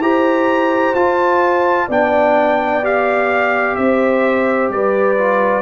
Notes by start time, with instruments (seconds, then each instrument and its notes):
0.00 tuba E4, trombone G4, horn C5, trumpet A#5
0.95 tuba F4, trombone F4, trumpet A5
1.88 tuba B3, trombone D4, horn D5, trumpet G5
2.84 trombone G4, trumpet F5
3.76 tuba C4, horn C5, trumpet E5
4.70 tuba G3, horn B4, trumpet D5
5.18 trombone F4